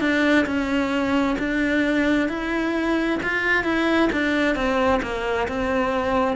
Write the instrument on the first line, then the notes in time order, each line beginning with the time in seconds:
cello
0.00 D4
0.46 C#4
1.39 D4
2.29 E4
3.23 F4
3.64 E4
4.12 D4
4.55 C4
5.02 A#3
5.48 C4